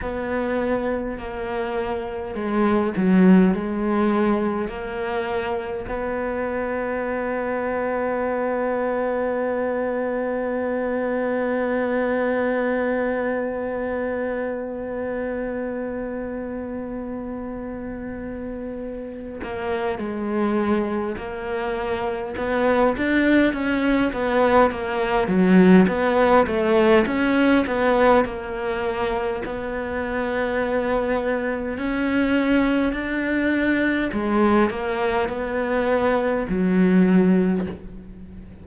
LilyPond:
\new Staff \with { instrumentName = "cello" } { \time 4/4 \tempo 4 = 51 b4 ais4 gis8 fis8 gis4 | ais4 b2.~ | b1~ | b1~ |
b8 ais8 gis4 ais4 b8 d'8 | cis'8 b8 ais8 fis8 b8 a8 cis'8 b8 | ais4 b2 cis'4 | d'4 gis8 ais8 b4 fis4 | }